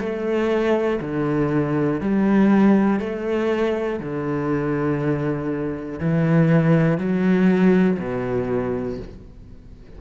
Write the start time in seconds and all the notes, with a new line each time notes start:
0.00 A3
1.01 D3
2.01 G3
3.00 A3
4.00 D3
6.00 E3
6.98 F#3
7.99 B2